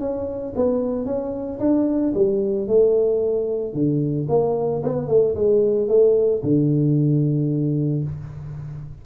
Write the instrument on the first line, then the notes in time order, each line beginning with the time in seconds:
tuba
0.00 C#4
0.56 B3
1.06 C#4
1.60 D4
2.15 G3
2.68 A3
3.74 D3
4.29 A#3
4.83 B3
5.08 A3
5.35 G#3
5.89 A3
6.43 D3